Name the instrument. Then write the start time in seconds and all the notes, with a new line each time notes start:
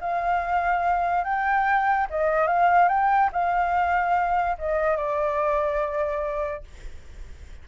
flute
0.00 F5
1.23 G5
2.10 D#5
2.47 F5
2.88 G5
3.32 F5
4.58 D#5
4.96 D5